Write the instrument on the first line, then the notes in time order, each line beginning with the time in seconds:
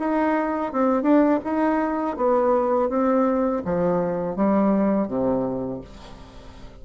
bassoon
0.00 D#4
0.73 C4
1.03 D4
1.45 D#4
2.17 B3
2.90 C4
3.66 F3
4.37 G3
5.08 C3